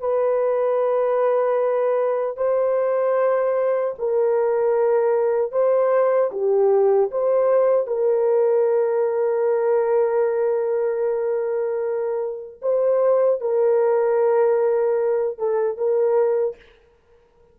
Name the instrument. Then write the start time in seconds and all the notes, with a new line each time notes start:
horn
0.00 B4
2.37 C5
3.99 A#4
5.52 C5
6.32 G4
7.11 C5
7.87 A#4
12.62 C5
13.41 A#4
15.38 A4
15.78 A#4